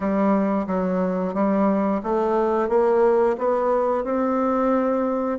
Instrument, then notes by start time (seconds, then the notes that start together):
bassoon
0.00 G3
0.66 F#3
1.34 G3
2.03 A3
2.68 A#3
3.37 B3
4.04 C4